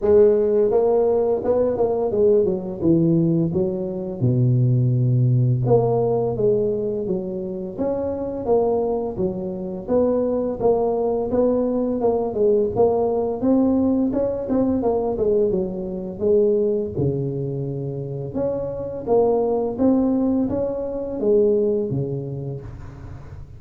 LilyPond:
\new Staff \with { instrumentName = "tuba" } { \time 4/4 \tempo 4 = 85 gis4 ais4 b8 ais8 gis8 fis8 | e4 fis4 b,2 | ais4 gis4 fis4 cis'4 | ais4 fis4 b4 ais4 |
b4 ais8 gis8 ais4 c'4 | cis'8 c'8 ais8 gis8 fis4 gis4 | cis2 cis'4 ais4 | c'4 cis'4 gis4 cis4 | }